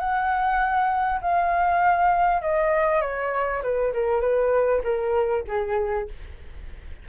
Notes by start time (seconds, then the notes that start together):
0.00 F#5
1.22 F5
2.42 D#5
3.02 C#5
3.63 B4
3.94 A#4
4.21 B4
4.84 A#4
5.48 G#4